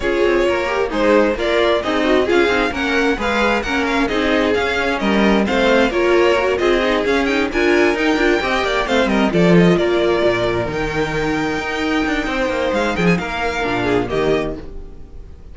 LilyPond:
<<
  \new Staff \with { instrumentName = "violin" } { \time 4/4 \tempo 4 = 132 cis''2 c''4 d''4 | dis''4 f''4 fis''4 f''4 | fis''8 f''8 dis''4 f''4 dis''4 | f''4 cis''4. dis''4 f''8 |
g''8 gis''4 g''2 f''8 | dis''8 d''8 dis''8 d''2 g''8~ | g''1 | f''8 g''16 gis''16 f''2 dis''4 | }
  \new Staff \with { instrumentName = "violin" } { \time 4/4 gis'4 ais'4 dis'4 f'4 | dis'4 gis'4 ais'4 b'4 | ais'4 gis'2 ais'4 | c''4 ais'4. gis'4.~ |
gis'8 ais'2 dis''8 d''8 c''8 | ais'8 a'4 ais'2~ ais'8~ | ais'2. c''4~ | c''8 gis'8 ais'4. gis'8 g'4 | }
  \new Staff \with { instrumentName = "viola" } { \time 4/4 f'4. g'8 gis'4 ais'4 | gis'8 fis'8 f'8 dis'8 cis'4 gis'4 | cis'4 dis'4 cis'2 | c'4 f'4 fis'8 f'8 dis'8 cis'8 |
dis'8 f'4 dis'8 f'8 g'4 c'8~ | c'8 f'2. dis'8~ | dis'1~ | dis'2 d'4 ais4 | }
  \new Staff \with { instrumentName = "cello" } { \time 4/4 cis'8 c'8 ais4 gis4 ais4 | c'4 cis'8 c'8 ais4 gis4 | ais4 c'4 cis'4 g4 | a4 ais4. c'4 cis'8~ |
cis'8 d'4 dis'8 d'8 c'8 ais8 a8 | g8 f4 ais4 ais,4 dis8~ | dis4. dis'4 d'8 c'8 ais8 | gis8 f8 ais4 ais,4 dis4 | }
>>